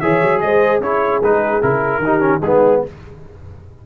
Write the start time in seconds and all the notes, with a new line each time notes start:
0.00 E3 G#4 C#5 E5
0.22 F#3
0.40 G#3 C5 D#5
0.80 C#4 E4 G#4 C#5
1.22 G#3 D#4 B4
1.62 C#3 E4 A#4
1.98 D#3 G4
2.05 D#4
2.20 C#4
2.42 G#3 B3 D#4 G#4